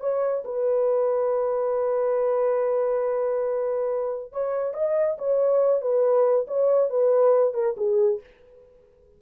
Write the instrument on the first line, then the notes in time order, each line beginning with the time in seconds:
horn
0.00 C#5
0.44 B4
4.32 C#5
4.73 D#5
5.18 C#5
5.81 B4
6.47 C#5
6.89 B4
7.53 A#4
7.77 G#4